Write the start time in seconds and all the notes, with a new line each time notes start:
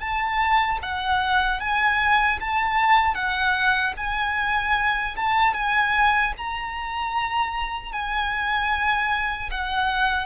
0.00 A5
0.83 F#5
1.60 G#5
2.40 A5
3.15 F#5
3.97 G#5
5.16 A5
5.54 G#5
6.37 A#5
7.92 G#5
9.51 F#5